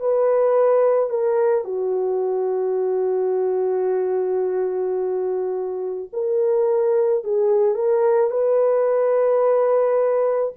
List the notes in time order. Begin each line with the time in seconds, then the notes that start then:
0.00 B4
1.10 A#4
1.65 F#4
6.13 A#4
7.24 G#4
7.75 A#4
8.30 B4